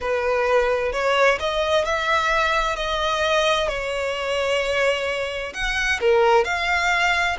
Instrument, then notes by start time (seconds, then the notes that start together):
violin
0.00 B4
0.92 C#5
1.39 D#5
1.84 E5
2.76 D#5
3.68 C#5
5.53 F#5
6.00 A#4
6.44 F5